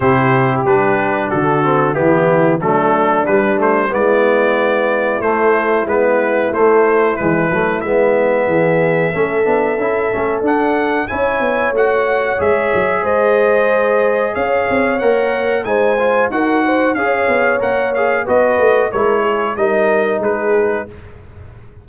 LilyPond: <<
  \new Staff \with { instrumentName = "trumpet" } { \time 4/4 \tempo 4 = 92 c''4 b'4 a'4 g'4 | a'4 b'8 c''8 d''2 | c''4 b'4 c''4 b'4 | e''1 |
fis''4 gis''4 fis''4 e''4 | dis''2 f''4 fis''4 | gis''4 fis''4 f''4 fis''8 f''8 | dis''4 cis''4 dis''4 b'4 | }
  \new Staff \with { instrumentName = "horn" } { \time 4/4 g'2 fis'4 e'4 | d'2 e'2~ | e'1~ | e'4 gis'4 a'2~ |
a'4 cis''2. | c''2 cis''2 | c''4 ais'8 c''8 cis''2 | b'4 ais'8 gis'8 ais'4 gis'4 | }
  \new Staff \with { instrumentName = "trombone" } { \time 4/4 e'4 d'4. c'8 b4 | a4 g8 a8 b2 | a4 b4 a4 gis8 a8 | b2 cis'8 d'8 e'8 cis'8 |
d'4 e'4 fis'4 gis'4~ | gis'2. ais'4 | dis'8 f'8 fis'4 gis'4 ais'8 gis'8 | fis'4 e'4 dis'2 | }
  \new Staff \with { instrumentName = "tuba" } { \time 4/4 c4 g4 d4 e4 | fis4 g4 gis2 | a4 gis4 a4 e8 fis8 | gis4 e4 a8 b8 cis'8 a8 |
d'4 cis'8 b8 a4 gis8 fis8 | gis2 cis'8 c'8 ais4 | gis4 dis'4 cis'8 b8 ais4 | b8 a8 gis4 g4 gis4 | }
>>